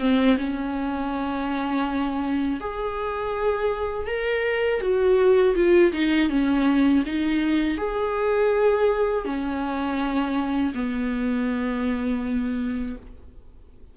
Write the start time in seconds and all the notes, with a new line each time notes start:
0.00 C4
0.38 C#4
2.61 G#4
4.07 A#4
4.81 F#4
5.56 F4
5.93 D#4
6.30 C#4
7.06 D#4
7.78 G#4
9.25 C#4
10.74 B3